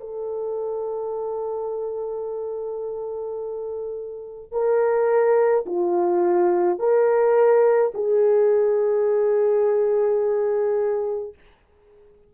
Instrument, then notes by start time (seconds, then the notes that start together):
horn
0.00 A4
4.52 A#4
5.66 F4
6.79 A#4
7.94 G#4